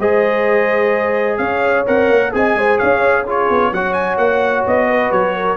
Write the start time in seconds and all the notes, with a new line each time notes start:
0.00 G#3 G#4 C5 D#5
1.38 C#4 C#5 F5
1.87 C4 A#4 F#5
2.10 A#3
2.33 C4 G#4 D#5 G#5
2.55 G#3 C5
2.79 C#4 C#5 F5
3.24 F4 G#4 C#5
3.50 B3
3.73 F#3 F#4 C#5 F#5
3.94 G#5
4.18 A#3 F#5
4.67 B3 D#5
4.90 B4
5.12 F#3 C#5
5.36 A#4